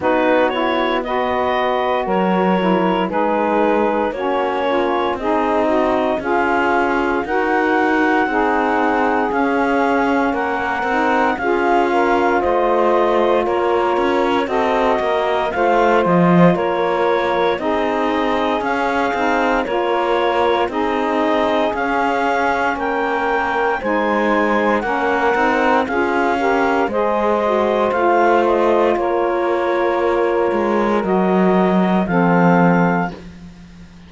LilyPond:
<<
  \new Staff \with { instrumentName = "clarinet" } { \time 4/4 \tempo 4 = 58 b'8 cis''8 dis''4 cis''4 b'4 | cis''4 dis''4 f''4 fis''4~ | fis''4 f''4 fis''4 f''4 | dis''4 cis''4 dis''4 f''8 dis''8 |
cis''4 dis''4 f''4 cis''4 | dis''4 f''4 g''4 gis''4 | fis''4 f''4 dis''4 f''8 dis''8 | cis''2 dis''4 f''4 | }
  \new Staff \with { instrumentName = "saxophone" } { \time 4/4 fis'4 b'4 ais'4 gis'4 | fis'8 f'8 dis'4 gis'4 ais'4 | gis'2 ais'4 gis'8 ais'8 | c''4 ais'4 a'8 ais'8 c''4 |
ais'4 gis'2 ais'4 | gis'2 ais'4 c''4 | ais'4 gis'8 ais'8 c''2 | ais'2. a'4 | }
  \new Staff \with { instrumentName = "saxophone" } { \time 4/4 dis'8 e'8 fis'4. e'8 dis'4 | cis'4 gis'8 fis'8 f'4 fis'4 | dis'4 cis'4. dis'8 f'4~ | f'2 fis'4 f'4~ |
f'4 dis'4 cis'8 dis'8 f'4 | dis'4 cis'2 dis'4 | cis'8 dis'8 f'8 g'8 gis'8 fis'8 f'4~ | f'2 fis'4 c'4 | }
  \new Staff \with { instrumentName = "cello" } { \time 4/4 b2 fis4 gis4 | ais4 c'4 cis'4 dis'4 | c'4 cis'4 ais8 c'8 cis'4 | a4 ais8 cis'8 c'8 ais8 a8 f8 |
ais4 c'4 cis'8 c'8 ais4 | c'4 cis'4 ais4 gis4 | ais8 c'8 cis'4 gis4 a4 | ais4. gis8 fis4 f4 | }
>>